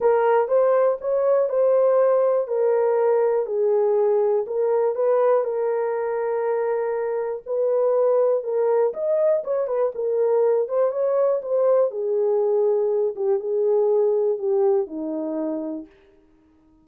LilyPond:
\new Staff \with { instrumentName = "horn" } { \time 4/4 \tempo 4 = 121 ais'4 c''4 cis''4 c''4~ | c''4 ais'2 gis'4~ | gis'4 ais'4 b'4 ais'4~ | ais'2. b'4~ |
b'4 ais'4 dis''4 cis''8 b'8 | ais'4. c''8 cis''4 c''4 | gis'2~ gis'8 g'8 gis'4~ | gis'4 g'4 dis'2 | }